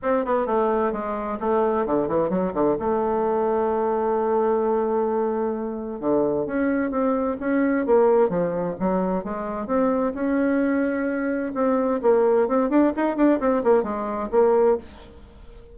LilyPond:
\new Staff \with { instrumentName = "bassoon" } { \time 4/4 \tempo 4 = 130 c'8 b8 a4 gis4 a4 | d8 e8 fis8 d8 a2~ | a1~ | a4 d4 cis'4 c'4 |
cis'4 ais4 f4 fis4 | gis4 c'4 cis'2~ | cis'4 c'4 ais4 c'8 d'8 | dis'8 d'8 c'8 ais8 gis4 ais4 | }